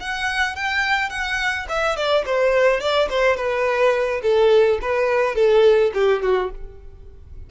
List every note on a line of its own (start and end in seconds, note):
0.00 0.56 F#5
0.56 1.10 G5
1.10 1.66 F#5
1.69 1.97 E5
1.97 2.25 D5
2.25 2.80 C5
2.80 3.08 D5
3.10 3.36 C5
3.36 4.21 B4
4.22 4.79 A4
4.81 5.35 B4
5.35 5.92 A4
5.94 6.22 G4
6.22 6.50 F#4